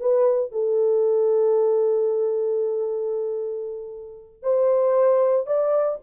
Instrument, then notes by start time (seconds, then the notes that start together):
horn
0.00 B4
0.52 A4
4.43 C5
5.46 D5